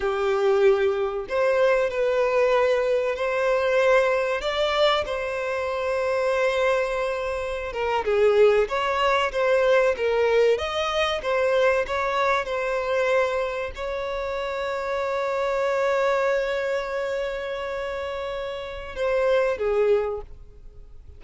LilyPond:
\new Staff \with { instrumentName = "violin" } { \time 4/4 \tempo 4 = 95 g'2 c''4 b'4~ | b'4 c''2 d''4 | c''1~ | c''16 ais'8 gis'4 cis''4 c''4 ais'16~ |
ais'8. dis''4 c''4 cis''4 c''16~ | c''4.~ c''16 cis''2~ cis''16~ | cis''1~ | cis''2 c''4 gis'4 | }